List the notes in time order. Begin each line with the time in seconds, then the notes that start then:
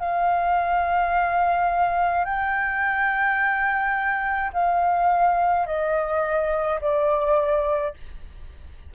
0.00 F5
2.25 G5
4.54 F5
5.67 D#5
6.81 D5